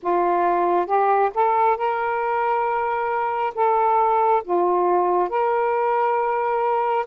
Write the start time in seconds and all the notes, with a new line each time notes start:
0.02 F4
0.86 G4
1.34 A4
1.77 A#4
3.54 A4
4.44 F4
5.29 A#4